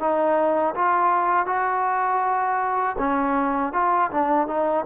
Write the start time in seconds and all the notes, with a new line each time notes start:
0.00 D#4
0.75 F4
1.46 F#4
2.99 C#4
3.73 F4
4.11 D4
4.48 D#4